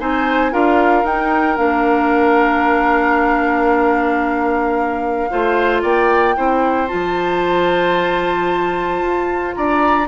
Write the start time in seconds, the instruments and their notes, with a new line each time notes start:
0.00 bassoon C4, clarinet D#4, oboe C5, flute G#5
0.51 bassoon D4, clarinet F4, oboe A#4, flute F5
1.04 bassoon D#4, clarinet D#4, flute G5
1.57 bassoon A#3, clarinet D4, flute F5
5.31 bassoon A3, clarinet F4, oboe C5
5.83 bassoon A#3, oboe D5, flute G5
6.36 bassoon C4, clarinet E4, oboe C5
6.88 bassoon F3, clarinet F4, flute A5
9.02 bassoon F4
9.55 bassoon D4, oboe D5, flute A#5